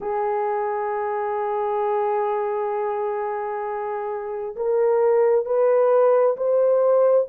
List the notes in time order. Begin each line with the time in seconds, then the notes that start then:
0.00 G#4
4.55 A#4
5.45 B4
6.36 C5